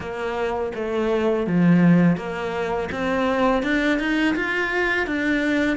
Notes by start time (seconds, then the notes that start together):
0.00 A#3
0.75 A3
1.46 F3
2.17 A#3
2.91 C4
3.62 D4
3.99 D#4
4.35 F4
5.06 D4